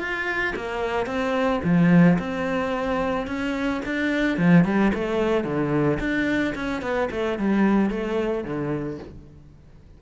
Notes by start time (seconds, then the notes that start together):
0.00 F4
0.56 A#3
1.07 C4
1.64 F3
2.19 C4
3.27 C#4
3.86 D4
4.38 F3
4.65 G3
4.94 A3
5.44 D3
6.00 D4
6.55 C#4
6.82 B3
7.12 A3
7.39 G3
7.91 A3
8.44 D3